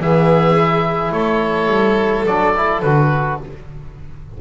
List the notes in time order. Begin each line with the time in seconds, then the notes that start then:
0.00 E3 B3 G#4 E5
0.57 E4
1.11 A3 A4 C#5
1.67 G3
2.26 F#3 D4 D5
2.56 E4
2.81 D3 F#4 B4